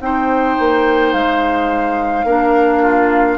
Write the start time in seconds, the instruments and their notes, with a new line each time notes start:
0.00 bassoon C4, clarinet D#4, oboe C5, flute G5
0.59 bassoon A#3
1.13 bassoon G#3, flute F5
2.24 bassoon A#3, clarinet D4, oboe A#4
2.82 oboe F4